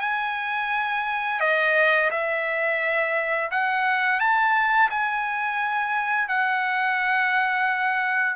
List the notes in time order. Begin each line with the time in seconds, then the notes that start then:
0.00 G#5
1.40 D#5
2.10 E5
3.51 F#5
4.19 A5
4.90 G#5
6.28 F#5